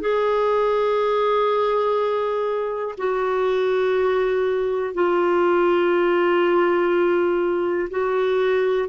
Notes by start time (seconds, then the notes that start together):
0.00 G#4
2.97 F#4
4.94 F4
7.90 F#4